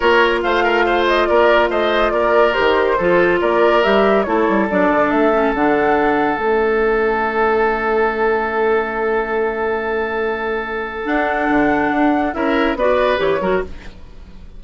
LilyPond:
<<
  \new Staff \with { instrumentName = "flute" } { \time 4/4 \tempo 4 = 141 cis''4 f''4. dis''8 d''4 | dis''4 d''4 c''2 | d''4 e''4 cis''4 d''4 | e''4 fis''2 e''4~ |
e''1~ | e''1~ | e''2 fis''2~ | fis''4 e''4 d''4 cis''4 | }
  \new Staff \with { instrumentName = "oboe" } { \time 4/4 ais'4 c''8 ais'8 c''4 ais'4 | c''4 ais'2 a'4 | ais'2 a'2~ | a'1~ |
a'1~ | a'1~ | a'1~ | a'4 ais'4 b'4. ais'8 | }
  \new Staff \with { instrumentName = "clarinet" } { \time 4/4 f'1~ | f'2 g'4 f'4~ | f'4 g'4 e'4 d'4~ | d'8 cis'8 d'2 cis'4~ |
cis'1~ | cis'1~ | cis'2 d'2~ | d'4 e'4 fis'4 g'8 fis'8 | }
  \new Staff \with { instrumentName = "bassoon" } { \time 4/4 ais4 a2 ais4 | a4 ais4 dis4 f4 | ais4 g4 a8 g8 fis8 d8 | a4 d2 a4~ |
a1~ | a1~ | a2 d'4 d4 | d'4 cis'4 b4 e8 fis8 | }
>>